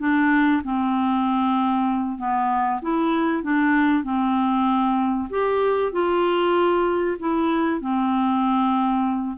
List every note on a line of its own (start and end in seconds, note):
0.00 0.62 D4
0.64 2.19 C4
2.19 2.81 B3
2.82 3.43 E4
3.43 4.04 D4
4.04 5.29 C4
5.30 5.92 G4
5.92 7.17 F4
7.20 7.81 E4
7.81 9.38 C4